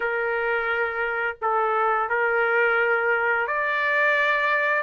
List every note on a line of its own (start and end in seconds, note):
0.00 1.37 A#4
1.41 2.09 A4
2.09 3.47 A#4
3.47 4.82 D5